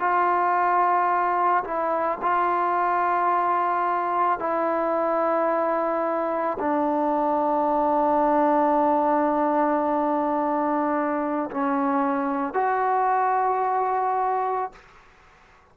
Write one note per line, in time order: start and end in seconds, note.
0.00 1.64 F4
1.64 2.18 E4
2.22 4.39 F4
4.39 6.58 E4
6.59 11.50 D4
11.50 12.54 C#4
12.54 14.72 F#4